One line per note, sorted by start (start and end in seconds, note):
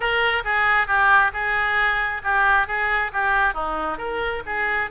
0.00 0.43 A#4
0.44 0.87 G#4
0.87 1.31 G4
1.33 2.22 G#4
2.23 2.67 G4
2.67 3.11 G#4
3.13 3.54 G4
3.54 3.98 D#4
3.98 4.42 A#4
4.46 4.90 G#4